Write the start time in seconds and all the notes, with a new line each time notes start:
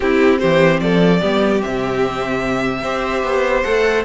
0.00 C4 E4 G4
0.39 E3 G4 C5
0.80 F3 A4 D5
1.21 G3 B3 G4
1.60 C3 C4 E5
2.83 C4 G4 C5
3.23 B3
3.62 A3 A4 F#5